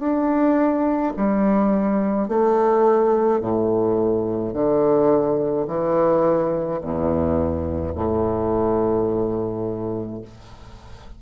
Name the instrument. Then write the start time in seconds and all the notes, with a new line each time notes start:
bassoon
0.00 D4
1.17 G3
2.28 A3
3.41 A2
4.54 D3
5.68 E3
6.81 E2
7.96 A2